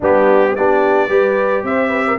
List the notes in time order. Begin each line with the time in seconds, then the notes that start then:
0.00 G3 B3 D4 G4
0.55 B3 D4 G4 D5
1.08 G3 G4 B4
1.63 C4 C5 E5
1.88 B4
2.06 A#4